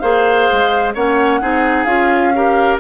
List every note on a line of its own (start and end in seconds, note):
0.00 0.49 A#3
0.00 0.95 G#4
0.00 0.94 C5
0.00 0.92 F5
0.52 0.95 G#3
0.94 1.42 A#3
0.94 1.42 C#4
0.94 1.41 C#5
0.94 1.85 F#5
1.42 1.86 C4
1.42 1.87 D#4
1.42 2.34 G#4
1.85 2.78 C#4
1.85 2.33 F4
1.85 2.77 F5
2.35 2.81 G4
2.35 2.81 A#4